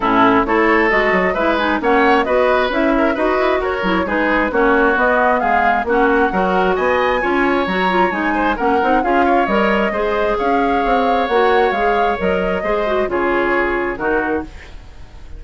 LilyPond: <<
  \new Staff \with { instrumentName = "flute" } { \time 4/4 \tempo 4 = 133 a'4 cis''4 dis''4 e''8 gis''8 | fis''4 dis''4 e''4 dis''4 | cis''4 b'4 cis''4 dis''4 | f''4 fis''2 gis''4~ |
gis''4 ais''4 gis''4 fis''4 | f''4 dis''2 f''4~ | f''4 fis''4 f''4 dis''4~ | dis''4 cis''2 ais'4 | }
  \new Staff \with { instrumentName = "oboe" } { \time 4/4 e'4 a'2 b'4 | cis''4 b'4. ais'8 b'4 | ais'4 gis'4 fis'2 | gis'4 fis'4 ais'4 dis''4 |
cis''2~ cis''8 c''8 ais'4 | gis'8 cis''4. c''4 cis''4~ | cis''1 | c''4 gis'2 fis'4 | }
  \new Staff \with { instrumentName = "clarinet" } { \time 4/4 cis'4 e'4 fis'4 e'8 dis'8 | cis'4 fis'4 e'4 fis'4~ | fis'8 e'8 dis'4 cis'4 b4~ | b4 cis'4 fis'2 |
f'4 fis'8 f'8 dis'4 cis'8 dis'8 | f'4 ais'4 gis'2~ | gis'4 fis'4 gis'4 ais'4 | gis'8 fis'8 f'2 dis'4 | }
  \new Staff \with { instrumentName = "bassoon" } { \time 4/4 a,4 a4 gis8 fis8 gis4 | ais4 b4 cis'4 dis'8 e'8 | fis'8 fis8 gis4 ais4 b4 | gis4 ais4 fis4 b4 |
cis'4 fis4 gis4 ais8 c'8 | cis'4 g4 gis4 cis'4 | c'4 ais4 gis4 fis4 | gis4 cis2 dis4 | }
>>